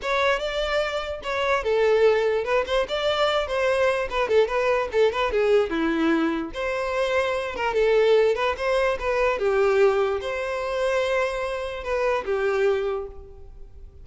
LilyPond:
\new Staff \with { instrumentName = "violin" } { \time 4/4 \tempo 4 = 147 cis''4 d''2 cis''4 | a'2 b'8 c''8 d''4~ | d''8 c''4. b'8 a'8 b'4 | a'8 b'8 gis'4 e'2 |
c''2~ c''8 ais'8 a'4~ | a'8 b'8 c''4 b'4 g'4~ | g'4 c''2.~ | c''4 b'4 g'2 | }